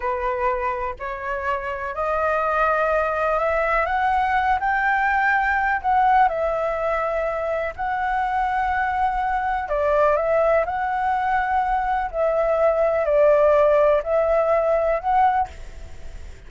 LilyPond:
\new Staff \with { instrumentName = "flute" } { \time 4/4 \tempo 4 = 124 b'2 cis''2 | dis''2. e''4 | fis''4. g''2~ g''8 | fis''4 e''2. |
fis''1 | d''4 e''4 fis''2~ | fis''4 e''2 d''4~ | d''4 e''2 fis''4 | }